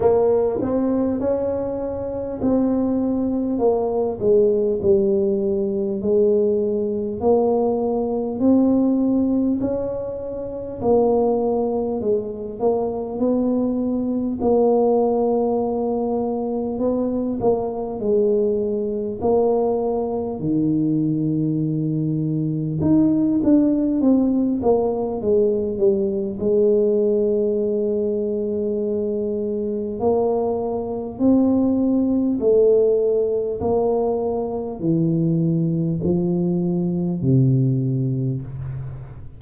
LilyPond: \new Staff \with { instrumentName = "tuba" } { \time 4/4 \tempo 4 = 50 ais8 c'8 cis'4 c'4 ais8 gis8 | g4 gis4 ais4 c'4 | cis'4 ais4 gis8 ais8 b4 | ais2 b8 ais8 gis4 |
ais4 dis2 dis'8 d'8 | c'8 ais8 gis8 g8 gis2~ | gis4 ais4 c'4 a4 | ais4 e4 f4 c4 | }